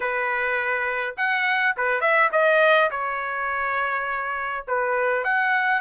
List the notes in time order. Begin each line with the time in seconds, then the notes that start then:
0.00 B4
1.17 F#5
1.76 B4
2.00 E5
2.32 D#5
2.90 C#5
4.67 B4
5.23 F#5